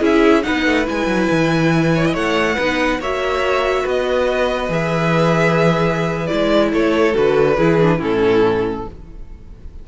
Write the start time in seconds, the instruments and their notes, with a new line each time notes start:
0.00 cello C#4, viola E4, violin G#4 E5
0.42 viola D#4, violin B4 F#5
0.48 cello B3
0.66 cello A3
0.84 viola E4, violin G#5
0.90 cello G#3
1.07 cello F#3
1.31 cello E3
1.96 violin C#5
2.06 violin D#5
2.13 cello A3, violin C#5 F#5
2.55 cello B3, viola D#4, violin B4
2.99 cello A#3, viola F#4, violin C#5 E5
3.83 cello B3, violin B4 D#5
4.69 cello E3, viola G#4, violin E5
6.27 cello G#3, viola E4, violin D5
6.72 cello A3, violin A4 C#5
7.14 cello D3, viola F#4, violin B4
7.57 cello E3, viola E4, violin G#4
7.81 viola D4
7.98 cello A2, viola C#4, violin E4 A4